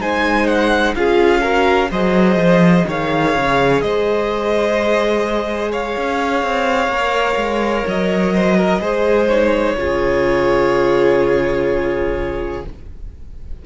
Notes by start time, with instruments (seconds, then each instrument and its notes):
0.00 cello G#3, viola D#4, violin C5 G#5
0.47 violin F#5
0.95 cello C#4, viola F4, violin G#4 F5
1.41 viola F#4, violin A#4
1.91 cello F#3, viola G#4, violin C5 D#5
2.36 cello F3
2.87 cello D#3, violin C#5 F5
3.36 cello C#3
3.82 cello G#3, violin C5 D#5
5.72 violin C#5 F5
5.97 cello C#4
6.43 cello C4
6.88 cello A#3, viola A#4
7.36 cello G#3
7.87 cello F#3, violin D#5
8.34 violin C5
8.57 violin A#4
8.80 cello G#3, viola G#4, violin C5
9.30 viola D#4, violin C#5
9.78 cello C#3, viola F4, violin G#4